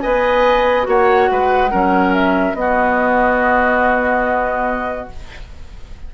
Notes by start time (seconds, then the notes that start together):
0.00 B3 B4 D#5 G#5
0.83 A#3 F#4 C#5 F#5
1.31 G#3 B4
1.71 F#3 C#4 A#4
2.14 E5
2.54 B3 D#5
2.61 F#4